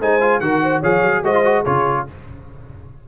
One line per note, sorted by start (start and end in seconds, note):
0.00 0.41 G#3
0.00 0.21 D#4
0.00 0.42 C5
0.00 0.40 G#5
0.21 0.41 F4
0.40 0.82 D#3
0.40 0.83 F#4
0.40 0.63 A#4
0.40 0.82 F#5
0.63 0.80 C5
0.80 1.02 F3
0.80 1.24 G#4
0.80 1.21 C#5
0.80 1.25 F5
1.02 1.23 F#3
1.23 1.64 G#3
1.23 1.34 F#4
1.23 1.65 C5
1.23 1.65 D#5
1.34 1.44 F4
1.45 1.65 F#4
1.65 2.08 C#3
1.65 2.07 F4
1.65 2.06 G#4
1.65 2.07 C#5